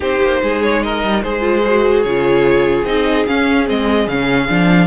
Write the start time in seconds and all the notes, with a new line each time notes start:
0.00 C4 D#4 G4 C5
0.21 A#3
0.42 G#3 G#4
0.62 C#5
0.82 A#4 D#5
1.03 G3
1.22 G#3 G#4 C5
1.40 F4
1.65 F#4
2.03 C#3 F4 C#5
2.84 C4 D#4 D#5
3.26 C#4 F5
3.65 G#3 C4 D#5
4.07 C#3 C#4 F5
4.48 F3 D4